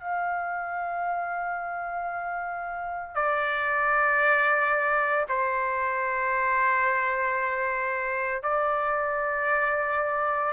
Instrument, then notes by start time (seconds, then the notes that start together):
trumpet
0.00 F5
3.15 D5
5.29 C5
8.43 D5